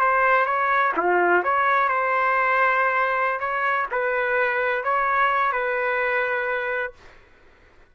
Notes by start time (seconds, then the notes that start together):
0.00 C5
0.46 C#5
0.97 F4
1.43 C#5
1.88 C5
3.40 C#5
3.91 B4
4.84 C#5
5.52 B4